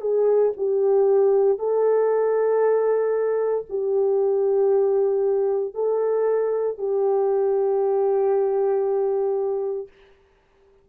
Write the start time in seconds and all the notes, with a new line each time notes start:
0.00 G#4
0.57 G4
1.58 A4
3.69 G4
5.74 A4
6.77 G4